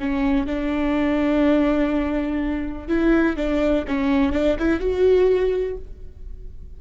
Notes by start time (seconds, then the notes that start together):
0.00 C#4
0.47 D4
2.88 E4
3.37 D4
3.88 C#4
4.33 D4
4.59 E4
4.80 F#4